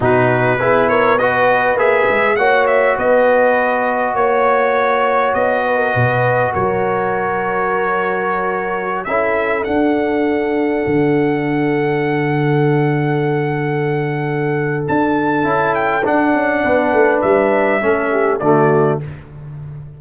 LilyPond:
<<
  \new Staff \with { instrumentName = "trumpet" } { \time 4/4 \tempo 4 = 101 b'4. cis''8 dis''4 e''4 | fis''8 e''8 dis''2 cis''4~ | cis''4 dis''2 cis''4~ | cis''2.~ cis''16 e''8.~ |
e''16 fis''2.~ fis''8.~ | fis''1~ | fis''4 a''4. g''8 fis''4~ | fis''4 e''2 d''4 | }
  \new Staff \with { instrumentName = "horn" } { \time 4/4 fis'4 gis'8 ais'8 b'2 | cis''4 b'2 cis''4~ | cis''4. b'16 ais'16 b'4 ais'4~ | ais'2.~ ais'16 a'8.~ |
a'1~ | a'1~ | a'1 | b'2 a'8 g'8 fis'4 | }
  \new Staff \with { instrumentName = "trombone" } { \time 4/4 dis'4 e'4 fis'4 gis'4 | fis'1~ | fis'1~ | fis'2.~ fis'16 e'8.~ |
e'16 d'2.~ d'8.~ | d'1~ | d'2 e'4 d'4~ | d'2 cis'4 a4 | }
  \new Staff \with { instrumentName = "tuba" } { \time 4/4 b,4 b2 ais8 gis8 | ais4 b2 ais4~ | ais4 b4 b,4 fis4~ | fis2.~ fis16 cis'8.~ |
cis'16 d'2 d4.~ d16~ | d1~ | d4 d'4 cis'4 d'8 cis'8 | b8 a8 g4 a4 d4 | }
>>